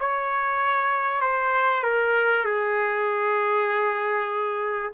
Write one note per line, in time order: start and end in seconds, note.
0.00 1.22 C#5
1.22 1.84 C5
1.84 2.45 A#4
2.45 4.93 G#4